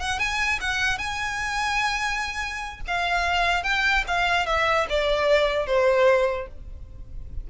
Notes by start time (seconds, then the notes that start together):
0.00 F#5
0.19 G#5
0.61 F#5
0.98 G#5
2.88 F5
3.64 G5
4.07 F5
4.46 E5
4.89 D5
5.67 C5